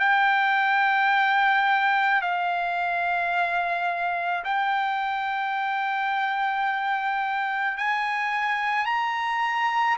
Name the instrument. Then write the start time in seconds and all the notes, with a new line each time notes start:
trumpet
0.00 G5
2.22 F5
4.44 G5
7.78 G#5
8.86 A#5